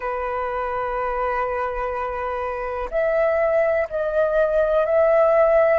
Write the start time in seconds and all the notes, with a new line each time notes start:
0.00 B4
2.90 E5
3.89 D#5
4.85 E5